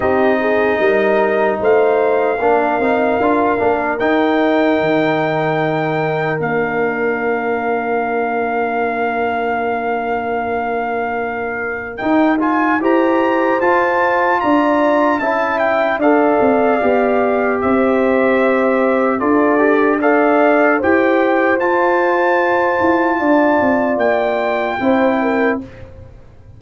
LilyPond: <<
  \new Staff \with { instrumentName = "trumpet" } { \time 4/4 \tempo 4 = 75 dis''2 f''2~ | f''4 g''2. | f''1~ | f''2. g''8 gis''8 |
ais''4 a''4 ais''4 a''8 g''8 | f''2 e''2 | d''4 f''4 g''4 a''4~ | a''2 g''2 | }
  \new Staff \with { instrumentName = "horn" } { \time 4/4 g'8 gis'8 ais'4 c''4 ais'4~ | ais'1~ | ais'1~ | ais'1 |
c''2 d''4 e''4 | d''2 c''2 | a'4 d''4 c''2~ | c''4 d''2 c''8 ais'8 | }
  \new Staff \with { instrumentName = "trombone" } { \time 4/4 dis'2. d'8 dis'8 | f'8 d'8 dis'2. | d'1~ | d'2. dis'8 f'8 |
g'4 f'2 e'4 | a'4 g'2. | f'8 g'8 a'4 g'4 f'4~ | f'2. e'4 | }
  \new Staff \with { instrumentName = "tuba" } { \time 4/4 c'4 g4 a4 ais8 c'8 | d'8 ais8 dis'4 dis2 | ais1~ | ais2. dis'4 |
e'4 f'4 d'4 cis'4 | d'8 c'8 b4 c'2 | d'2 e'4 f'4~ | f'8 e'8 d'8 c'8 ais4 c'4 | }
>>